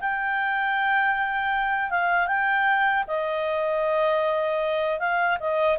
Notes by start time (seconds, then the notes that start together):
0.00 G5
1.90 F5
2.27 G5
3.07 D#5
4.99 F5
5.40 D#5